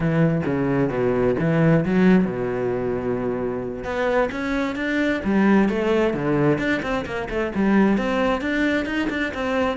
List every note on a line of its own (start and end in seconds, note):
0.00 0.42 E3
0.45 0.89 C#3
0.89 1.35 B2
1.39 1.84 E3
1.85 2.24 F#3
2.24 3.83 B2
3.83 4.29 B3
4.31 4.75 C#4
4.75 5.21 D4
5.24 5.68 G3
5.68 6.13 A3
6.13 6.58 D3
6.58 6.81 D4
6.82 7.05 C4
7.05 7.28 A#3
7.29 7.52 A3
7.55 7.97 G3
7.97 8.41 C4
8.41 8.85 D4
8.85 9.08 D#4
9.09 9.32 D4
9.34 9.77 C4